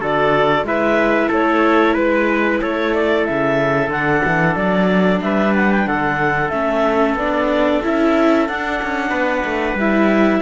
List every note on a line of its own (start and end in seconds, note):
0.00 0.63 D3
0.00 0.66 F#4
0.00 0.66 A4
0.00 0.66 D5
0.63 1.29 G#3
0.63 3.92 E4
0.63 1.29 B4
0.63 1.31 E5
1.29 1.96 A3
1.29 1.93 A4
1.29 1.98 C#5
1.93 2.61 G#3
1.93 2.59 B4
1.93 2.63 B4
2.61 3.28 A3
2.61 5.22 A4
2.61 2.94 C#5
2.94 3.25 D5
3.25 3.89 C#3
3.25 3.91 E5
3.89 4.21 D3
3.89 6.52 D4
3.89 4.56 F#5
4.25 4.56 E3
4.56 5.21 F#3
4.56 5.21 D5
5.21 5.87 G3
5.21 5.88 B4
5.21 5.54 E5
5.56 5.72 F#5
5.72 5.87 G5
5.87 6.51 D3
5.87 9.09 A4
5.87 6.49 F#5
6.49 7.15 A3
6.49 7.18 C#4
6.49 7.14 E5
7.15 7.80 B3
7.15 7.83 D4
7.15 7.83 D5
7.83 8.49 C#4
7.83 8.48 E4
7.83 8.48 E5
8.48 9.79 D4
8.48 8.81 D4
8.48 9.78 F#5
8.82 9.11 C#4
9.09 9.44 B3
9.09 10.40 B4
9.45 9.75 A3
9.75 10.40 G3
9.75 10.42 E4
9.75 10.42 E5